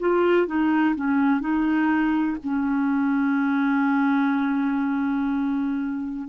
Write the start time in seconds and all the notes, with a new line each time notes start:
0.00 F4
0.47 D#4
0.96 C#4
1.41 D#4
2.44 C#4